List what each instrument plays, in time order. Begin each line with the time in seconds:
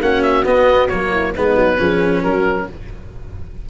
0.00 tuba A#3, cello C#4, horn F#4, oboe F#5
0.22 oboe E5
0.44 cello B3, tuba B3, oboe D#5
0.88 tuba F#3, cello A#3, oboe C#5
1.11 horn E4
1.35 tuba G#3, cello B3, horn D#4, oboe B4
1.55 tuba F#3
1.78 tuba F3, cello C#4, horn G#4
2.22 tuba F#3, horn F#4, oboe A#4